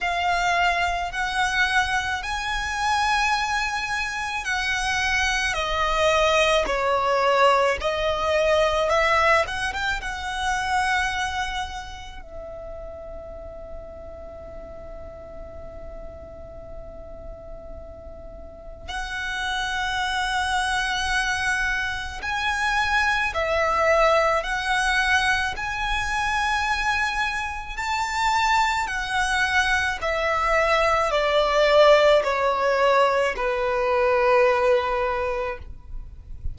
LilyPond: \new Staff \with { instrumentName = "violin" } { \time 4/4 \tempo 4 = 54 f''4 fis''4 gis''2 | fis''4 dis''4 cis''4 dis''4 | e''8 fis''16 g''16 fis''2 e''4~ | e''1~ |
e''4 fis''2. | gis''4 e''4 fis''4 gis''4~ | gis''4 a''4 fis''4 e''4 | d''4 cis''4 b'2 | }